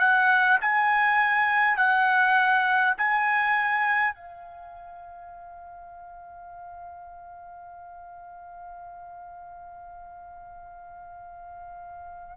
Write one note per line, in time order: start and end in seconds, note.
0.00 0.59 F#5
0.61 1.77 G#5
1.77 2.95 F#5
2.98 4.15 G#5
4.15 12.37 F5